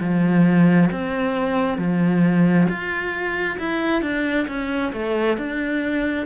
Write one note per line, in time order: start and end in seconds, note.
0.00 0.90 F3
0.92 1.78 C4
1.78 2.67 F3
2.69 3.58 F4
3.59 4.02 E4
4.02 4.47 D4
4.48 4.93 C#4
4.93 5.37 A3
5.37 6.26 D4